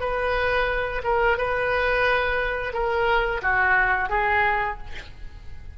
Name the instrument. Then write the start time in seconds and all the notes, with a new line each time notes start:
oboe
0.00 B4
1.04 A#4
1.38 B4
2.73 A#4
3.42 F#4
4.10 G#4